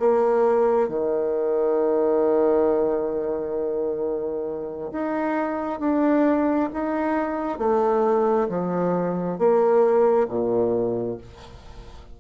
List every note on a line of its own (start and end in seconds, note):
0.00 0.88 A#3
0.88 4.91 D#3
4.92 5.80 D#4
5.80 6.69 D4
6.73 7.58 D#4
7.58 8.48 A3
8.49 9.38 F3
9.38 10.28 A#3
10.28 11.18 A#2